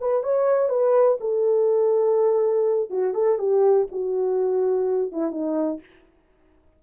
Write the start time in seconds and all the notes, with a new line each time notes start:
0.00 B4
0.23 C#5
0.69 B4
1.20 A4
2.90 F#4
3.14 A4
3.38 G4
3.91 F#4
5.12 E4
5.31 D#4